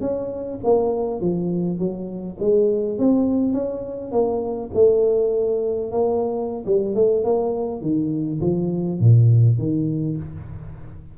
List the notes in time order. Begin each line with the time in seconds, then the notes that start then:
0.00 C#4
0.63 A#3
1.20 F3
1.78 F#3
2.40 G#3
2.98 C4
3.53 C#4
4.11 A#3
4.74 A3
5.91 A#3
6.66 G3
6.94 A3
7.24 A#3
7.81 D#3
8.40 F3
8.99 A#2
9.58 D#3